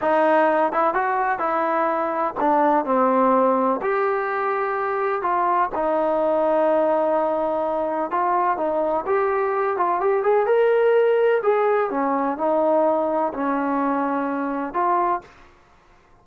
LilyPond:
\new Staff \with { instrumentName = "trombone" } { \time 4/4 \tempo 4 = 126 dis'4. e'8 fis'4 e'4~ | e'4 d'4 c'2 | g'2. f'4 | dis'1~ |
dis'4 f'4 dis'4 g'4~ | g'8 f'8 g'8 gis'8 ais'2 | gis'4 cis'4 dis'2 | cis'2. f'4 | }